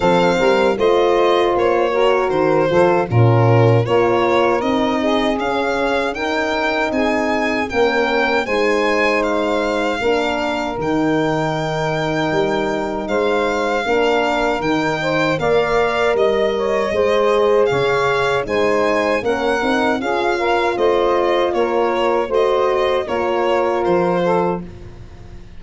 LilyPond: <<
  \new Staff \with { instrumentName = "violin" } { \time 4/4 \tempo 4 = 78 f''4 dis''4 cis''4 c''4 | ais'4 cis''4 dis''4 f''4 | g''4 gis''4 g''4 gis''4 | f''2 g''2~ |
g''4 f''2 g''4 | f''4 dis''2 f''4 | gis''4 fis''4 f''4 dis''4 | cis''4 dis''4 cis''4 c''4 | }
  \new Staff \with { instrumentName = "saxophone" } { \time 4/4 a'8 ais'8 c''4. ais'4 a'8 | f'4 ais'4. gis'4. | ais'4 gis'4 ais'4 c''4~ | c''4 ais'2.~ |
ais'4 c''4 ais'4. c''8 | d''4 dis''8 cis''8 c''4 cis''4 | c''4 ais'4 gis'8 ais'8 c''4 | ais'4 c''4 ais'4. a'8 | }
  \new Staff \with { instrumentName = "horn" } { \time 4/4 c'4 f'4. fis'4 f'8 | cis'4 f'4 dis'4 cis'4 | dis'2 cis'4 dis'4~ | dis'4 d'4 dis'2~ |
dis'2 d'4 dis'4 | ais'2 gis'2 | dis'4 cis'8 dis'8 f'2~ | f'4 fis'4 f'2 | }
  \new Staff \with { instrumentName = "tuba" } { \time 4/4 f8 g8 a4 ais4 dis8 f8 | ais,4 ais4 c'4 cis'4~ | cis'4 c'4 ais4 gis4~ | gis4 ais4 dis2 |
g4 gis4 ais4 dis4 | ais4 g4 gis4 cis4 | gis4 ais8 c'8 cis'4 a4 | ais4 a4 ais4 f4 | }
>>